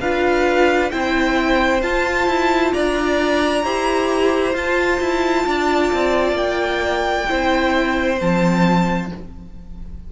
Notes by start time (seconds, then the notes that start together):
0.00 D4 F4 B4 F5
0.91 C4 E4 C5 G5
1.82 F4 A5
2.27 E4
2.73 D4 D5 A#5
3.64 E4 G4 C5
4.54 F4 A5
5.00 E4
5.47 D4 D5
5.93 C4
6.33 A#3 G5
7.28 C4 E4 C5
8.17 F3 C4 A5